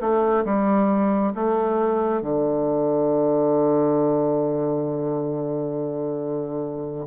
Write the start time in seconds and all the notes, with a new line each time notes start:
0.00 A3
0.45 G3
1.34 A3
2.21 D3